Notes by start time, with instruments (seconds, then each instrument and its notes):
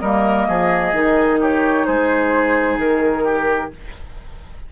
0.00 bassoon G3, clarinet A#3, oboe A#4, flute D#5
0.49 bassoon F3, oboe G#4
0.94 bassoon D#3, clarinet D#4
1.41 oboe G4, flute C#5
1.86 bassoon G#3, oboe G#4, flute C5
2.78 bassoon D#3, flute A#4
3.24 oboe G4